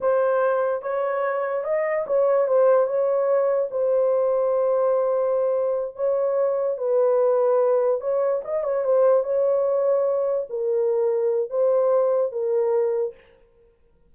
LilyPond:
\new Staff \with { instrumentName = "horn" } { \time 4/4 \tempo 4 = 146 c''2 cis''2 | dis''4 cis''4 c''4 cis''4~ | cis''4 c''2.~ | c''2~ c''8 cis''4.~ |
cis''8 b'2. cis''8~ | cis''8 dis''8 cis''8 c''4 cis''4.~ | cis''4. ais'2~ ais'8 | c''2 ais'2 | }